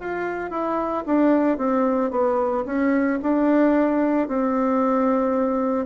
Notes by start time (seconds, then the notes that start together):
0.00 F4
0.51 E4
1.06 D4
1.57 C4
2.11 B3
2.65 C#4
3.22 D4
4.28 C4